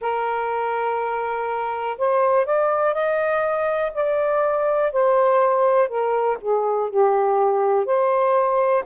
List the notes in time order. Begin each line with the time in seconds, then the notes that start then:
0.00 A#4
1.98 C5
2.45 D5
2.94 D#5
3.93 D5
4.92 C5
5.88 A#4
6.40 G#4
6.89 G4
7.85 C5